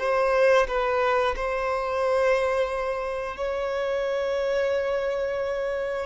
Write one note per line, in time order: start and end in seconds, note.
0.00 0.67 C5
0.68 1.35 B4
1.36 3.37 C5
3.37 6.07 C#5